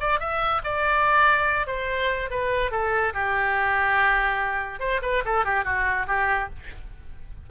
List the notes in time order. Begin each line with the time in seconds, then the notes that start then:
0.00 D5
0.20 E5
0.64 D5
1.67 C5
2.31 B4
2.72 A4
3.14 G4
4.80 C5
5.02 B4
5.25 A4
5.45 G4
5.64 F#4
6.07 G4